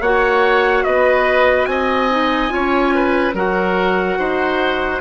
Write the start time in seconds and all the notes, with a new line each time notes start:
0.00 A#3 F#4 C#5 F#5
0.84 B3 B4 D#5
1.65 C4 D#5 G#5
2.10 D#4
2.49 C#4 F4 C#5
2.94 B4
3.34 F#3 F#4 A#4 F#5
4.18 D#4 C5